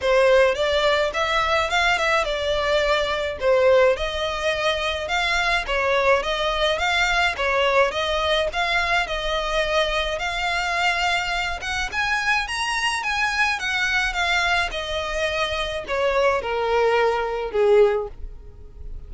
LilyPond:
\new Staff \with { instrumentName = "violin" } { \time 4/4 \tempo 4 = 106 c''4 d''4 e''4 f''8 e''8 | d''2 c''4 dis''4~ | dis''4 f''4 cis''4 dis''4 | f''4 cis''4 dis''4 f''4 |
dis''2 f''2~ | f''8 fis''8 gis''4 ais''4 gis''4 | fis''4 f''4 dis''2 | cis''4 ais'2 gis'4 | }